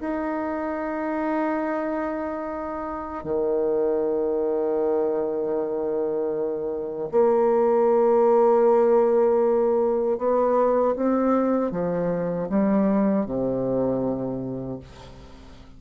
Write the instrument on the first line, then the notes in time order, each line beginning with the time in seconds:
bassoon
0.00 D#4
3.24 D#3
7.11 A#3
10.18 B3
10.96 C4
11.71 F3
12.49 G3
13.26 C3